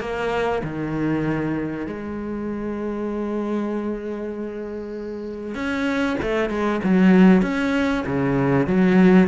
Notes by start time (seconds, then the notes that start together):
0.00 A#3
0.63 D#3
1.87 G#3
5.54 C#4
6.22 A3
6.49 G#3
6.83 F#3
7.42 C#4
8.06 C#3
8.67 F#3